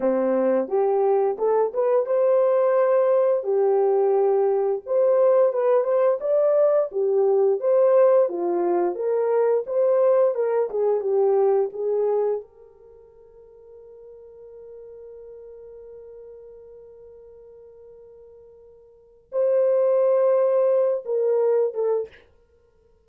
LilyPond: \new Staff \with { instrumentName = "horn" } { \time 4/4 \tempo 4 = 87 c'4 g'4 a'8 b'8 c''4~ | c''4 g'2 c''4 | b'8 c''8 d''4 g'4 c''4 | f'4 ais'4 c''4 ais'8 gis'8 |
g'4 gis'4 ais'2~ | ais'1~ | ais'1 | c''2~ c''8 ais'4 a'8 | }